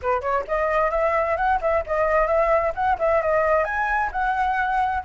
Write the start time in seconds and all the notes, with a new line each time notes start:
0.02 B4
0.21 C#5
0.47 D#5
0.90 E5
1.36 F#5
1.61 E5
1.86 D#5
2.27 E5
2.74 F#5
2.99 E5
3.21 D#5
3.64 G#5
4.12 F#5